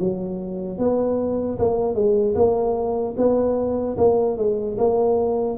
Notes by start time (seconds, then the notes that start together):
0.00 F#3
0.79 B3
1.59 A#3
1.95 G#3
2.35 A#3
3.17 B3
3.98 A#3
4.38 G#3
4.78 A#3